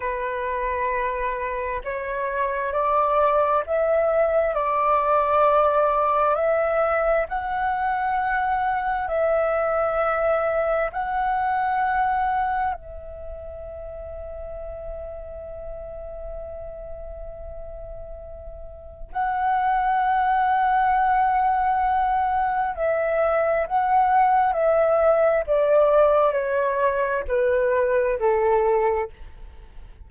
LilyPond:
\new Staff \with { instrumentName = "flute" } { \time 4/4 \tempo 4 = 66 b'2 cis''4 d''4 | e''4 d''2 e''4 | fis''2 e''2 | fis''2 e''2~ |
e''1~ | e''4 fis''2.~ | fis''4 e''4 fis''4 e''4 | d''4 cis''4 b'4 a'4 | }